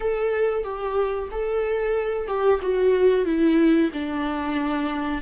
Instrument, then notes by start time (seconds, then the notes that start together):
viola
0.00 A4
0.64 G4
1.31 A4
2.27 G4
2.62 F#4
3.25 E4
3.93 D4